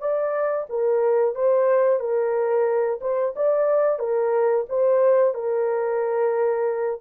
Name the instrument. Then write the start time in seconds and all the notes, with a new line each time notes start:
horn
0.00 D5
0.70 A#4
1.35 C5
2.00 A#4
3.01 C5
3.36 D5
3.99 A#4
4.69 C5
5.34 A#4